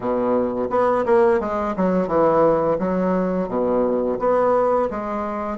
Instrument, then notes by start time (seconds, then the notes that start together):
bassoon
0.00 B2
0.70 B3
1.05 A#3
1.40 G#3
1.76 F#3
2.07 E3
2.78 F#3
3.48 B2
4.19 B3
4.90 G#3